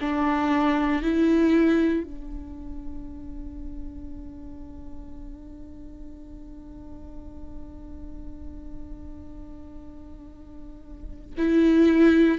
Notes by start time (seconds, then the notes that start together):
0.00 D4
1.02 E4
2.03 D4
11.37 E4